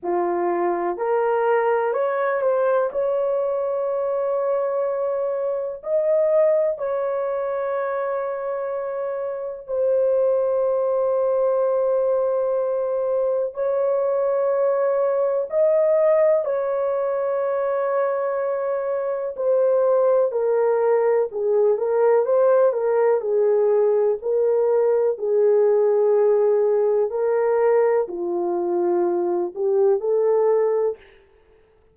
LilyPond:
\new Staff \with { instrumentName = "horn" } { \time 4/4 \tempo 4 = 62 f'4 ais'4 cis''8 c''8 cis''4~ | cis''2 dis''4 cis''4~ | cis''2 c''2~ | c''2 cis''2 |
dis''4 cis''2. | c''4 ais'4 gis'8 ais'8 c''8 ais'8 | gis'4 ais'4 gis'2 | ais'4 f'4. g'8 a'4 | }